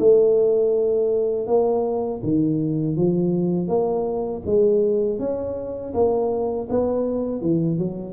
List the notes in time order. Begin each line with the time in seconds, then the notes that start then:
0.00 A3
1.47 A#3
2.23 D#3
2.97 F3
3.68 A#3
4.46 G#3
5.20 C#4
5.94 A#3
6.70 B3
7.42 E3
7.78 F#3